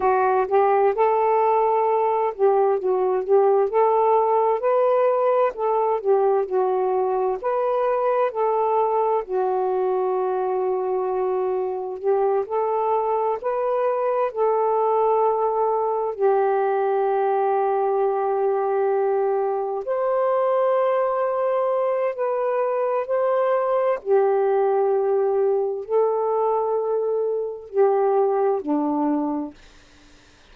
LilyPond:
\new Staff \with { instrumentName = "saxophone" } { \time 4/4 \tempo 4 = 65 fis'8 g'8 a'4. g'8 fis'8 g'8 | a'4 b'4 a'8 g'8 fis'4 | b'4 a'4 fis'2~ | fis'4 g'8 a'4 b'4 a'8~ |
a'4. g'2~ g'8~ | g'4. c''2~ c''8 | b'4 c''4 g'2 | a'2 g'4 d'4 | }